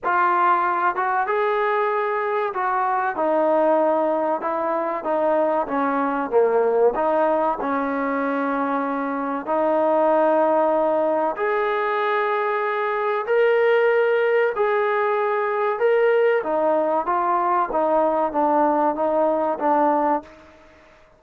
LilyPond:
\new Staff \with { instrumentName = "trombone" } { \time 4/4 \tempo 4 = 95 f'4. fis'8 gis'2 | fis'4 dis'2 e'4 | dis'4 cis'4 ais4 dis'4 | cis'2. dis'4~ |
dis'2 gis'2~ | gis'4 ais'2 gis'4~ | gis'4 ais'4 dis'4 f'4 | dis'4 d'4 dis'4 d'4 | }